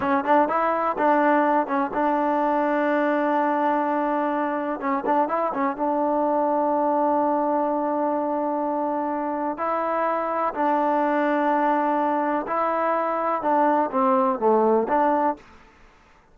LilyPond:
\new Staff \with { instrumentName = "trombone" } { \time 4/4 \tempo 4 = 125 cis'8 d'8 e'4 d'4. cis'8 | d'1~ | d'2 cis'8 d'8 e'8 cis'8 | d'1~ |
d'1 | e'2 d'2~ | d'2 e'2 | d'4 c'4 a4 d'4 | }